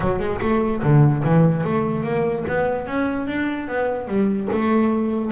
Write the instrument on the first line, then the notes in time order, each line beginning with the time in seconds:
double bass
0.00 F#3
0.19 G#3
0.41 A3
0.83 D3
1.24 E3
1.64 A3
2.03 A#3
2.48 B3
2.87 C#4
3.27 D4
3.67 B3
4.07 G3
4.52 A3